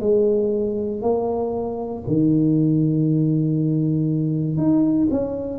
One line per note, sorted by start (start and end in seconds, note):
0.00 1.02 G#3
1.02 2.03 A#3
2.07 4.57 D#3
4.57 5.08 D#4
5.11 5.58 C#4